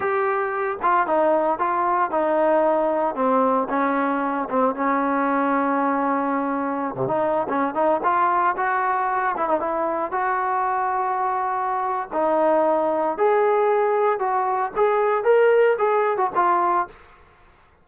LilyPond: \new Staff \with { instrumentName = "trombone" } { \time 4/4 \tempo 4 = 114 g'4. f'8 dis'4 f'4 | dis'2 c'4 cis'4~ | cis'8 c'8 cis'2.~ | cis'4~ cis'16 c16 dis'8. cis'8 dis'8 f'8.~ |
f'16 fis'4. e'16 dis'16 e'4 fis'8.~ | fis'2. dis'4~ | dis'4 gis'2 fis'4 | gis'4 ais'4 gis'8. fis'16 f'4 | }